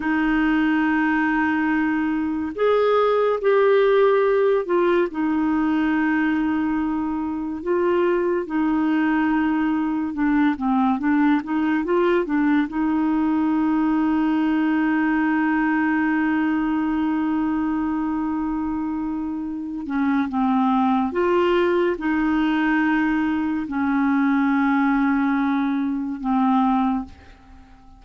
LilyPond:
\new Staff \with { instrumentName = "clarinet" } { \time 4/4 \tempo 4 = 71 dis'2. gis'4 | g'4. f'8 dis'2~ | dis'4 f'4 dis'2 | d'8 c'8 d'8 dis'8 f'8 d'8 dis'4~ |
dis'1~ | dis'2.~ dis'8 cis'8 | c'4 f'4 dis'2 | cis'2. c'4 | }